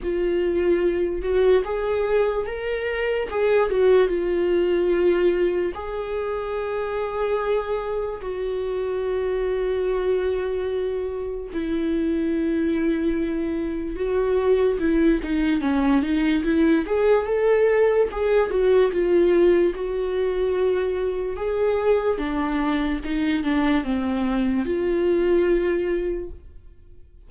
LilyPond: \new Staff \with { instrumentName = "viola" } { \time 4/4 \tempo 4 = 73 f'4. fis'8 gis'4 ais'4 | gis'8 fis'8 f'2 gis'4~ | gis'2 fis'2~ | fis'2 e'2~ |
e'4 fis'4 e'8 dis'8 cis'8 dis'8 | e'8 gis'8 a'4 gis'8 fis'8 f'4 | fis'2 gis'4 d'4 | dis'8 d'8 c'4 f'2 | }